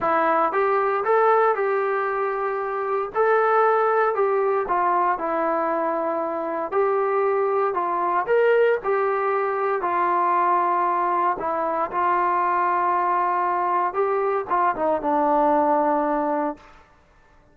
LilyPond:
\new Staff \with { instrumentName = "trombone" } { \time 4/4 \tempo 4 = 116 e'4 g'4 a'4 g'4~ | g'2 a'2 | g'4 f'4 e'2~ | e'4 g'2 f'4 |
ais'4 g'2 f'4~ | f'2 e'4 f'4~ | f'2. g'4 | f'8 dis'8 d'2. | }